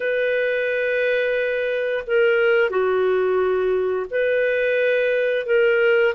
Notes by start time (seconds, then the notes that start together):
0.00 B4
2.06 A#4
2.70 F#4
4.10 B4
5.45 A#4